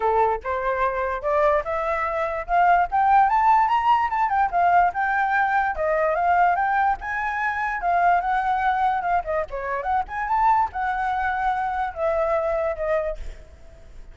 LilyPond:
\new Staff \with { instrumentName = "flute" } { \time 4/4 \tempo 4 = 146 a'4 c''2 d''4 | e''2 f''4 g''4 | a''4 ais''4 a''8 g''8 f''4 | g''2 dis''4 f''4 |
g''4 gis''2 f''4 | fis''2 f''8 dis''8 cis''4 | fis''8 gis''8 a''4 fis''2~ | fis''4 e''2 dis''4 | }